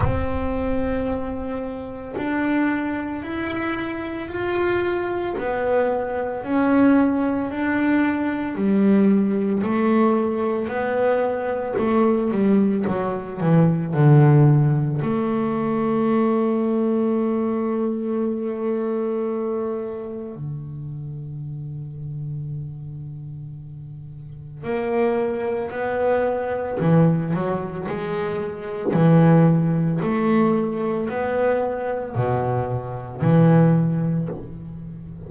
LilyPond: \new Staff \with { instrumentName = "double bass" } { \time 4/4 \tempo 4 = 56 c'2 d'4 e'4 | f'4 b4 cis'4 d'4 | g4 a4 b4 a8 g8 | fis8 e8 d4 a2~ |
a2. d4~ | d2. ais4 | b4 e8 fis8 gis4 e4 | a4 b4 b,4 e4 | }